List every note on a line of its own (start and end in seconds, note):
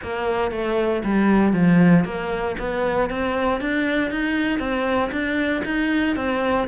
0.03 0.51 A#3
0.51 1.02 A3
1.03 1.53 G3
1.53 2.04 F3
2.04 2.56 A#3
2.58 3.09 B3
3.09 3.60 C4
3.60 4.10 D4
4.10 4.59 D#4
4.59 5.10 C4
5.11 5.62 D4
5.64 6.15 D#4
6.15 6.67 C4